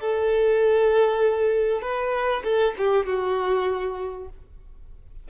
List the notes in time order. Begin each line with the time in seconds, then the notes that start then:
0.00 A4
1.81 B4
2.43 A4
2.77 G4
3.06 F#4